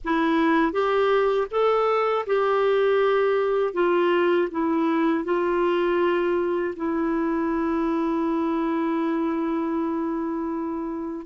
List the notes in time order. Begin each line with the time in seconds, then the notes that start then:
0.04 E4
0.72 G4
1.50 A4
2.26 G4
3.73 F4
4.51 E4
5.24 F4
6.75 E4